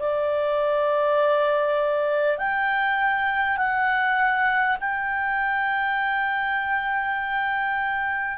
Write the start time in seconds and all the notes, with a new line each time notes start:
0.00 D5
2.39 G5
3.58 F#5
4.81 G5